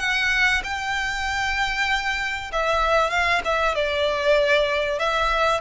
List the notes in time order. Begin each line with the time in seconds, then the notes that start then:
0.00 F#5
0.64 G5
2.53 E5
3.11 F5
3.45 E5
3.75 D5
4.99 E5